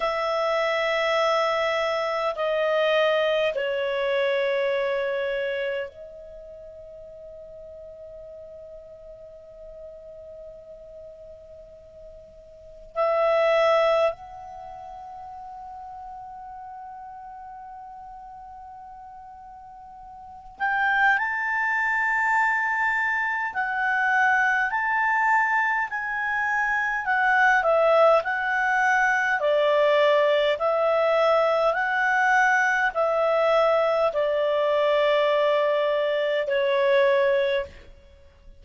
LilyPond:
\new Staff \with { instrumentName = "clarinet" } { \time 4/4 \tempo 4 = 51 e''2 dis''4 cis''4~ | cis''4 dis''2.~ | dis''2. e''4 | fis''1~ |
fis''4. g''8 a''2 | fis''4 a''4 gis''4 fis''8 e''8 | fis''4 d''4 e''4 fis''4 | e''4 d''2 cis''4 | }